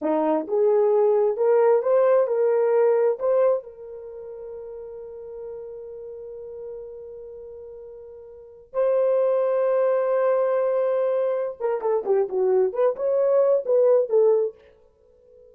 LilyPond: \new Staff \with { instrumentName = "horn" } { \time 4/4 \tempo 4 = 132 dis'4 gis'2 ais'4 | c''4 ais'2 c''4 | ais'1~ | ais'1~ |
ais'2.~ ais'16 c''8.~ | c''1~ | c''4. ais'8 a'8 g'8 fis'4 | b'8 cis''4. b'4 a'4 | }